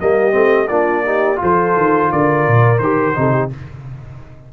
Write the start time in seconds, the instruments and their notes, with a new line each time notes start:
0.00 tuba G3, trombone A#3, horn G4, trumpet D#5
0.31 tuba A3, trombone C4
0.68 tuba A#3, trombone D4, horn F4, trumpet D5
1.06 trombone D#4, horn G4
1.36 trombone F4, horn A4
1.43 tuba F3, trumpet C5
1.76 tuba D#3
2.12 tuba D3, horn A#4, trumpet D5
2.48 tuba A#2
2.79 tuba D#3, trombone G4, trumpet C5
3.15 tuba C3, trombone D#4, horn A4
3.34 horn G4